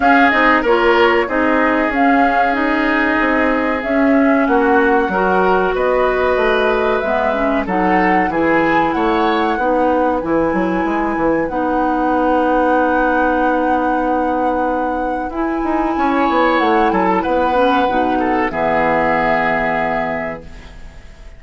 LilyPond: <<
  \new Staff \with { instrumentName = "flute" } { \time 4/4 \tempo 4 = 94 f''8 dis''8 cis''4 dis''4 f''4 | dis''2 e''4 fis''4~ | fis''4 dis''2 e''4 | fis''4 gis''4 fis''2 |
gis''2 fis''2~ | fis''1 | gis''2 fis''8 gis''16 a''16 fis''4~ | fis''4 e''2. | }
  \new Staff \with { instrumentName = "oboe" } { \time 4/4 gis'4 ais'4 gis'2~ | gis'2. fis'4 | ais'4 b'2. | a'4 gis'4 cis''4 b'4~ |
b'1~ | b'1~ | b'4 cis''4. a'8 b'4~ | b'8 a'8 gis'2. | }
  \new Staff \with { instrumentName = "clarinet" } { \time 4/4 cis'8 dis'8 f'4 dis'4 cis'4 | dis'2 cis'2 | fis'2. b8 cis'8 | dis'4 e'2 dis'4 |
e'2 dis'2~ | dis'1 | e'2.~ e'8 cis'8 | dis'4 b2. | }
  \new Staff \with { instrumentName = "bassoon" } { \time 4/4 cis'8 c'8 ais4 c'4 cis'4~ | cis'4 c'4 cis'4 ais4 | fis4 b4 a4 gis4 | fis4 e4 a4 b4 |
e8 fis8 gis8 e8 b2~ | b1 | e'8 dis'8 cis'8 b8 a8 fis8 b4 | b,4 e2. | }
>>